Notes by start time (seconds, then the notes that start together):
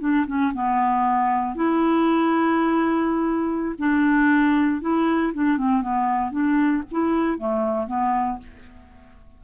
0.00 D4
0.27 C#4
0.54 B3
1.55 E4
3.79 D4
4.81 E4
5.34 D4
5.57 C4
5.82 B3
6.31 D4
6.91 E4
7.38 A3
7.87 B3